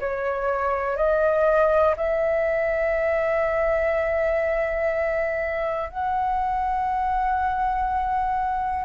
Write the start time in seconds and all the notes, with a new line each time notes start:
0.00 C#5
0.97 D#5
1.97 E5
5.90 F#5